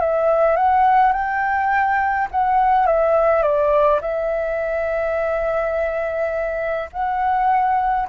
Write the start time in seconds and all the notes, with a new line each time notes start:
0.00 E5
0.57 F#5
1.13 G5
2.31 F#5
2.86 E5
3.42 D5
4.01 E5
6.92 F#5